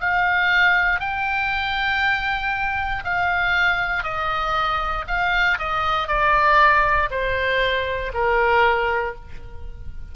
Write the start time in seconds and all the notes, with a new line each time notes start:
0.00 F5
1.00 G5
3.04 F5
4.03 D#5
5.07 F5
5.58 D#5
6.07 D5
7.10 C5
8.14 A#4